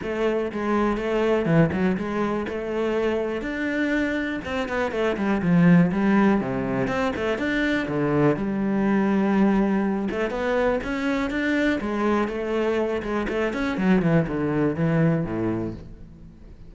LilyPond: \new Staff \with { instrumentName = "cello" } { \time 4/4 \tempo 4 = 122 a4 gis4 a4 e8 fis8 | gis4 a2 d'4~ | d'4 c'8 b8 a8 g8 f4 | g4 c4 c'8 a8 d'4 |
d4 g2.~ | g8 a8 b4 cis'4 d'4 | gis4 a4. gis8 a8 cis'8 | fis8 e8 d4 e4 a,4 | }